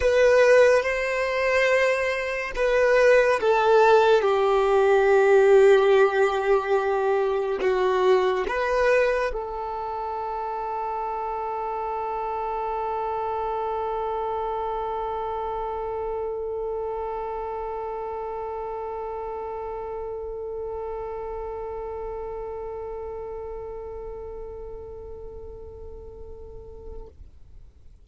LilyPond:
\new Staff \with { instrumentName = "violin" } { \time 4/4 \tempo 4 = 71 b'4 c''2 b'4 | a'4 g'2.~ | g'4 fis'4 b'4 a'4~ | a'1~ |
a'1~ | a'1~ | a'1~ | a'1 | }